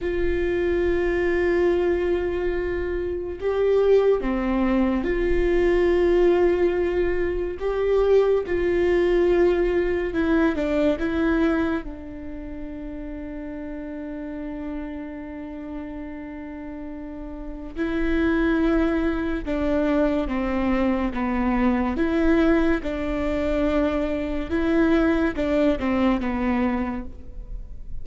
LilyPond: \new Staff \with { instrumentName = "viola" } { \time 4/4 \tempo 4 = 71 f'1 | g'4 c'4 f'2~ | f'4 g'4 f'2 | e'8 d'8 e'4 d'2~ |
d'1~ | d'4 e'2 d'4 | c'4 b4 e'4 d'4~ | d'4 e'4 d'8 c'8 b4 | }